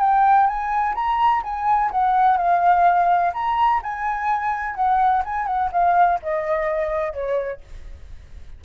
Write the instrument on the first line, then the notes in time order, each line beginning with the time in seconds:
flute
0.00 G5
0.47 G#5
0.95 A#5
1.44 G#5
1.91 F#5
2.38 F5
3.34 A#5
3.83 G#5
4.76 F#5
5.25 G#5
5.47 F#5
5.73 F5
6.23 D#5
7.13 C#5